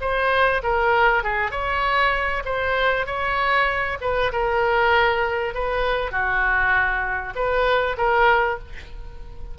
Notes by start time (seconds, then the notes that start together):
0.00 C5
0.63 A#4
1.23 G#4
1.51 C#5
2.45 C5
3.06 C#5
4.01 B4
4.32 A#4
5.54 B4
6.11 F#4
7.35 B4
7.97 A#4